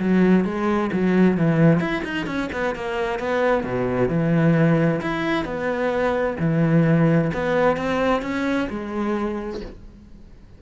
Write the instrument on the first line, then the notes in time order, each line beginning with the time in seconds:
cello
0.00 F#3
0.45 G#3
0.93 F#3
1.38 E3
1.80 E4
2.04 D#4
2.27 C#4
2.53 B3
2.76 A#3
3.19 B3
3.64 B2
4.09 E3
5.02 E4
5.45 B3
6.40 E3
7.34 B3
7.77 C4
8.22 C#4
8.70 G#3